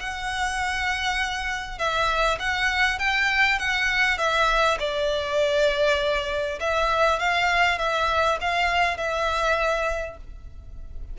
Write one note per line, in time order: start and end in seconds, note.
0.00 1.79 F#5
1.79 2.39 E5
2.40 2.99 F#5
2.99 3.59 G5
3.59 4.19 F#5
4.19 4.79 E5
4.80 6.60 D5
6.61 7.20 E5
7.20 7.79 F5
7.79 8.39 E5
8.41 8.98 F5
8.98 10.18 E5